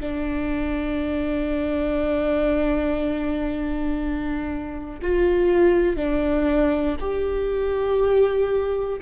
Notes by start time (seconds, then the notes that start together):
0.00 D4
5.02 F4
5.96 D4
7.00 G4